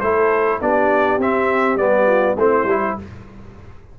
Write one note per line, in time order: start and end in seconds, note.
0.00 0.60 A3
0.00 0.61 E4
0.00 0.61 A4
0.00 0.59 C5
0.61 1.18 B3
0.61 1.20 D4
0.61 2.06 G4
0.61 1.21 D5
1.18 1.76 C4
1.18 1.78 C4
1.18 1.77 E5
1.76 2.35 G3
1.76 2.37 B3
1.76 2.36 D5
2.06 2.35 F4
2.36 2.64 A3
2.36 2.68 C4
2.36 2.95 E4
2.36 2.98 C5
2.64 2.93 G3
2.64 2.99 E4